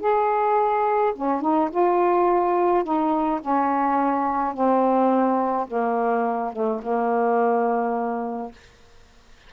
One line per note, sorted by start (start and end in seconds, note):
0.00 1.13 G#4
1.15 1.41 C#4
1.41 1.70 D#4
1.70 2.83 F4
2.83 3.40 D#4
3.40 4.53 C#4
4.53 5.67 C4
5.67 6.52 A#3
6.52 6.81 A3
6.82 8.52 A#3